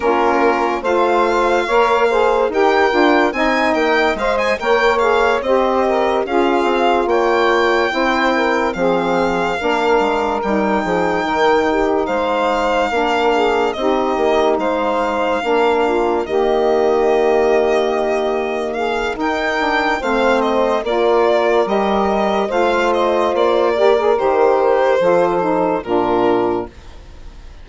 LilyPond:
<<
  \new Staff \with { instrumentName = "violin" } { \time 4/4 \tempo 4 = 72 ais'4 f''2 g''4 | gis''8 g''8 f''16 gis''16 g''8 f''8 dis''4 f''8~ | f''8 g''2 f''4.~ | f''8 g''2 f''4.~ |
f''8 dis''4 f''2 dis''8~ | dis''2~ dis''8 f''8 g''4 | f''8 dis''8 d''4 dis''4 f''8 dis''8 | d''4 c''2 ais'4 | }
  \new Staff \with { instrumentName = "saxophone" } { \time 4/4 f'4 c''4 cis''8 c''8 ais'4 | dis''4. cis''4 c''8 ais'8 gis'8~ | gis'8 cis''4 c''8 ais'8 gis'4 ais'8~ | ais'4 gis'8 ais'8 g'8 c''4 ais'8 |
gis'8 g'4 c''4 ais'8 f'8 g'8~ | g'2~ g'8 gis'8 ais'4 | c''4 ais'2 c''4~ | c''8 ais'4. a'4 f'4 | }
  \new Staff \with { instrumentName = "saxophone" } { \time 4/4 cis'4 f'4 ais'8 gis'8 g'8 f'8 | dis'4 c''8 ais'8 gis'8 g'4 f'8~ | f'4. e'4 c'4 d'8~ | d'8 dis'2. d'8~ |
d'8 dis'2 d'4 ais8~ | ais2. dis'8 d'8 | c'4 f'4 g'4 f'4~ | f'8 g'16 gis'16 g'4 f'8 dis'8 d'4 | }
  \new Staff \with { instrumentName = "bassoon" } { \time 4/4 ais4 a4 ais4 dis'8 d'8 | c'8 ais8 gis8 ais4 c'4 cis'8 | c'8 ais4 c'4 f4 ais8 | gis8 g8 f8 dis4 gis4 ais8~ |
ais8 c'8 ais8 gis4 ais4 dis8~ | dis2. dis'4 | a4 ais4 g4 a4 | ais4 dis4 f4 ais,4 | }
>>